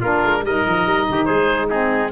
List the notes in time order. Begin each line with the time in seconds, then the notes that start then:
0.00 A#3 D4 F4 A#4
0.24 G#3
0.42 G3 D#4 A#4 D#5
0.67 F3
0.85 G3
1.09 D#3 G4
1.25 G#3 G#4 C5
1.69 C4 D#4 G#4